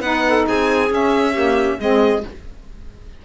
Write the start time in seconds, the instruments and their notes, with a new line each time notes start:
0.00 cello B3, saxophone D#4, clarinet B4, violin F#5
0.28 clarinet A4
0.47 cello C4, clarinet G#4, violin G#5
0.89 saxophone C#4, cello C#4, violin E5
1.33 saxophone A#3, clarinet G4
1.79 cello G#3, saxophone C4, clarinet G#4, violin D#5